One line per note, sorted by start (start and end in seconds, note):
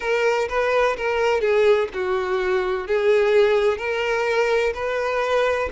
0.00 0.48 A#4
0.48 0.96 B4
0.97 1.40 A#4
1.40 1.88 G#4
1.93 2.87 F#4
2.87 3.77 G#4
3.77 4.73 A#4
4.74 5.69 B4